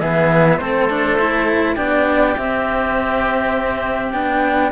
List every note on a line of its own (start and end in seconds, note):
0.00 0.58 E3
0.00 0.60 B3
0.00 0.59 G#4
0.00 0.58 E5
0.58 1.76 A3
0.58 0.89 C4
0.58 1.74 A4
0.58 1.75 C5
0.89 1.18 D4
1.19 1.76 E4
1.74 2.36 B3
1.74 2.34 D4
1.74 4.69 G4
1.74 2.35 D5
2.36 4.13 C4
2.36 4.12 E5
4.12 4.71 B3
4.12 4.71 D4
4.12 4.70 G5